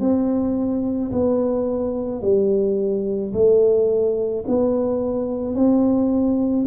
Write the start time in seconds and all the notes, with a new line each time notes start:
0.00 C4
1.12 B3
2.22 G3
3.33 A3
4.47 B3
5.55 C4